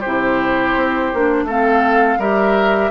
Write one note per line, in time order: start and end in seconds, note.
0.00 0.76 C3
0.00 1.14 E4
0.00 1.45 G4
0.00 1.45 C5
0.76 1.12 C4
1.14 1.44 A#3
1.14 1.48 D4
1.44 2.16 A3
1.44 2.20 C4
1.44 2.19 A4
1.44 2.21 F5
2.18 2.90 G3
2.18 2.91 G4
2.18 2.91 A#4
2.18 2.91 E5